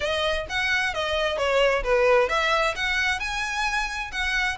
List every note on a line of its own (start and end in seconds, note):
0.00 0.46 D#5
0.49 0.94 F#5
0.94 1.37 D#5
1.37 1.83 C#5
1.83 2.28 B4
2.28 2.74 E5
2.75 3.19 F#5
3.19 4.11 G#5
4.11 4.57 F#5